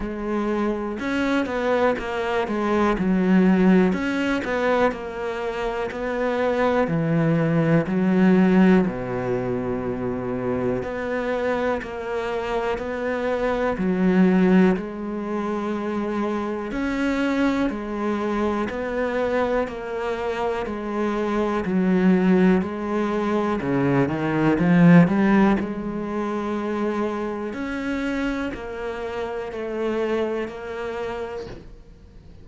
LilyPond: \new Staff \with { instrumentName = "cello" } { \time 4/4 \tempo 4 = 61 gis4 cis'8 b8 ais8 gis8 fis4 | cis'8 b8 ais4 b4 e4 | fis4 b,2 b4 | ais4 b4 fis4 gis4~ |
gis4 cis'4 gis4 b4 | ais4 gis4 fis4 gis4 | cis8 dis8 f8 g8 gis2 | cis'4 ais4 a4 ais4 | }